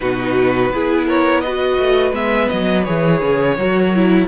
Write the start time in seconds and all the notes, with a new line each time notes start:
0.00 B2 D#4 F#4 B4
0.70 B3 E4 G#4
1.07 A#4 C#5
1.40 F#4 B4 D#5
1.78 A3
2.11 G#3 B3 E5
2.48 F#3 D#5
2.84 E3 G#4 C#5
3.21 C#3
3.57 F#3 F#4 A#4
3.95 E4